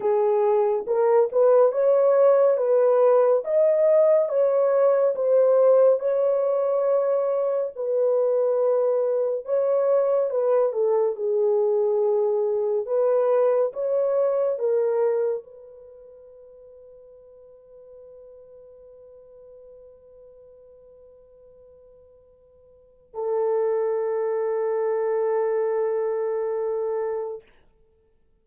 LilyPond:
\new Staff \with { instrumentName = "horn" } { \time 4/4 \tempo 4 = 70 gis'4 ais'8 b'8 cis''4 b'4 | dis''4 cis''4 c''4 cis''4~ | cis''4 b'2 cis''4 | b'8 a'8 gis'2 b'4 |
cis''4 ais'4 b'2~ | b'1~ | b'2. a'4~ | a'1 | }